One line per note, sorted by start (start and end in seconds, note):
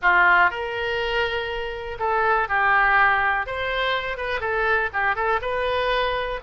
0.01 0.50 F4
0.50 1.97 A#4
1.99 2.48 A4
2.48 3.46 G4
3.46 4.17 C5
4.17 4.40 B4
4.40 4.89 A4
4.93 5.15 G4
5.15 5.40 A4
5.41 6.40 B4